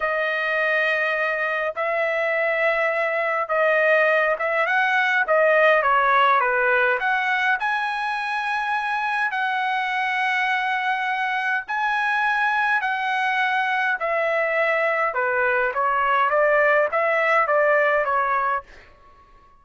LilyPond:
\new Staff \with { instrumentName = "trumpet" } { \time 4/4 \tempo 4 = 103 dis''2. e''4~ | e''2 dis''4. e''8 | fis''4 dis''4 cis''4 b'4 | fis''4 gis''2. |
fis''1 | gis''2 fis''2 | e''2 b'4 cis''4 | d''4 e''4 d''4 cis''4 | }